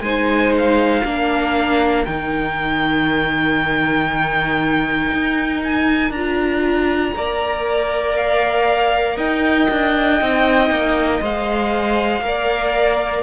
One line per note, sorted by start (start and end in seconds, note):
0.00 1.02 G#3
0.00 1.05 D#4
0.00 1.04 C5
0.00 0.53 G#5
0.57 2.04 F5
1.04 2.06 A#3
1.04 2.07 D4
1.04 7.14 A#4
2.04 5.12 D#3
2.04 6.15 D#4
2.04 5.60 G5
5.12 6.10 D#4
5.63 6.11 G#5
6.10 7.11 D4
6.10 7.15 F4
6.10 8.15 A#5
7.15 9.17 A#3
7.15 10.20 A#4
7.15 9.16 D5
8.16 9.18 F5
9.16 9.68 D#4
9.16 12.21 D#5
9.16 11.21 G5
9.70 10.21 D4
10.20 10.69 C4
10.20 11.21 D#4
10.69 11.20 A#3
11.21 12.21 G#3
11.21 12.22 C5
11.21 13.22 F5
12.21 13.22 A#3
12.21 13.22 A#4
12.21 13.22 D5